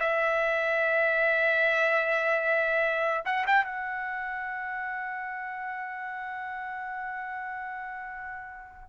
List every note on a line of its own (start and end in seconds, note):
0.00 3.24 E5
3.26 3.46 F#5
3.47 3.65 G5
3.65 8.90 F#5